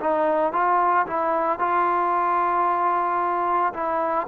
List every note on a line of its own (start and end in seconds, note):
0.00 0.53 D#4
0.53 1.06 F4
1.06 1.59 E4
1.59 3.73 F4
3.73 4.27 E4